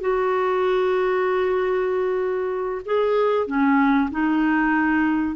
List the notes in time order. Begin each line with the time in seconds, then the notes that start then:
0.00 F#4
2.85 G#4
3.47 C#4
4.11 D#4